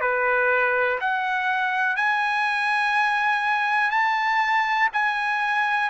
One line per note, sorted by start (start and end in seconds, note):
0.00 0.98 B4
1.01 1.96 F#5
1.96 3.90 G#5
3.90 4.89 A5
4.93 5.90 G#5